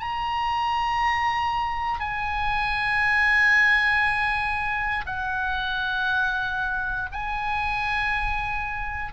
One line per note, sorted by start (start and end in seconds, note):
0.00 2.01 A#5
2.01 5.06 G#5
5.07 7.10 F#5
7.12 9.13 G#5